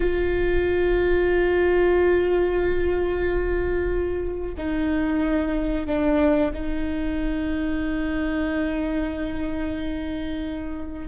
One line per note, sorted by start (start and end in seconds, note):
0.00 4.54 F4
4.57 5.86 D#4
5.86 6.51 D4
6.53 11.07 D#4